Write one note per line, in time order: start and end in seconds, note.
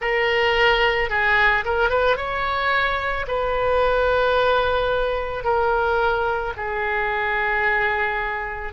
0.01 1.09 A#4
1.09 1.64 G#4
1.65 1.89 A#4
1.89 2.16 B4
2.16 3.25 C#5
3.27 5.43 B4
5.43 6.53 A#4
6.57 8.73 G#4